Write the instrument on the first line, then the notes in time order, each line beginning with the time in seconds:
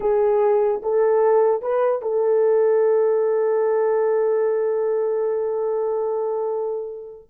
horn
0.00 G#4
0.82 A4
1.62 B4
2.02 A4